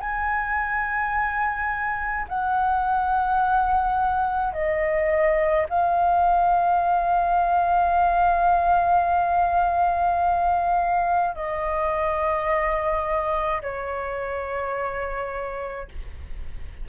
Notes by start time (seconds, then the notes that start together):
0.00 G#5
2.28 F#5
4.53 D#5
5.69 F5
11.35 D#5
13.62 C#5